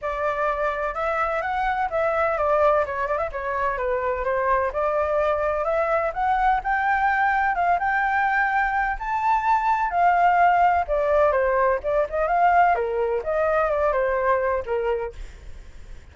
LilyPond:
\new Staff \with { instrumentName = "flute" } { \time 4/4 \tempo 4 = 127 d''2 e''4 fis''4 | e''4 d''4 cis''8 d''16 e''16 cis''4 | b'4 c''4 d''2 | e''4 fis''4 g''2 |
f''8 g''2~ g''8 a''4~ | a''4 f''2 d''4 | c''4 d''8 dis''8 f''4 ais'4 | dis''4 d''8 c''4. ais'4 | }